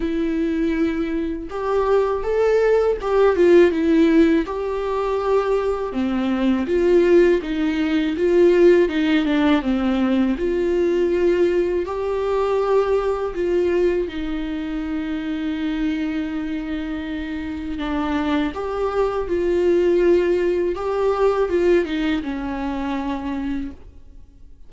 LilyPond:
\new Staff \with { instrumentName = "viola" } { \time 4/4 \tempo 4 = 81 e'2 g'4 a'4 | g'8 f'8 e'4 g'2 | c'4 f'4 dis'4 f'4 | dis'8 d'8 c'4 f'2 |
g'2 f'4 dis'4~ | dis'1 | d'4 g'4 f'2 | g'4 f'8 dis'8 cis'2 | }